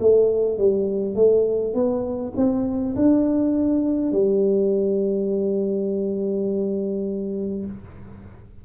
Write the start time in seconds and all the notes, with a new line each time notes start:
0.00 A3
0.58 G3
1.16 A3
1.74 B3
2.36 C4
2.96 D4
4.12 G3